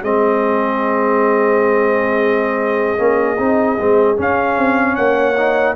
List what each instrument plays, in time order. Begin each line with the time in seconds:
0.00 tuba G#3, trombone C4, horn G#4, trumpet D#5
2.97 tuba A#3, trombone C#4
3.38 tuba C4, trombone D#4
3.78 tuba G#3, trombone C4
4.16 trombone C#4, tuba C#4, trumpet F5
4.57 tuba C4
4.95 tuba A#3, horn C#5, trumpet F#5
5.37 trombone D#4